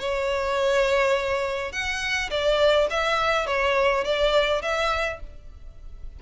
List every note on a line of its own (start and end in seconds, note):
0.00 1.73 C#5
1.73 2.30 F#5
2.31 2.88 D5
2.91 3.47 E5
3.47 4.05 C#5
4.05 4.62 D5
4.62 5.20 E5